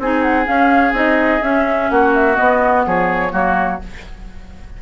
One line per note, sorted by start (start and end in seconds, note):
0.00 0.48 C4
0.00 0.45 D#4
0.00 1.91 G#4
0.00 0.22 G#5
0.22 0.46 F#5
0.45 0.93 C#4
0.45 0.94 F5
0.93 1.40 C4
0.93 1.41 D#4
0.93 1.43 D#5
1.42 1.90 C#4
1.42 2.35 C#4
1.42 1.90 E5
1.90 2.38 A#3
1.90 2.87 F#4
1.90 2.14 F#5
2.15 2.37 E5
2.35 3.30 B3
2.35 2.87 B3
2.35 2.84 D#5
2.87 3.33 F3
2.87 3.33 G#4
2.87 3.82 C#5
3.32 3.81 F#3
3.32 3.79 A#3
3.32 3.80 F#4